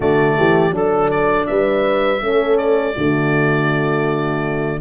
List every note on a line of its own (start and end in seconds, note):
0.00 0.37 D3
0.00 0.71 A3
0.00 0.35 F#4
0.00 0.74 D5
0.37 0.70 E3
0.37 0.73 G4
0.70 1.44 F#3
0.70 2.19 D4
0.70 1.48 A4
0.70 1.10 A4
1.10 1.46 D5
1.46 2.21 G3
1.46 2.23 B4
1.46 2.57 E5
2.20 2.96 A3
2.20 2.94 C#4
2.20 2.95 A4
2.57 4.79 D5
2.95 4.80 D3
2.95 4.80 A3
2.95 4.80 F#4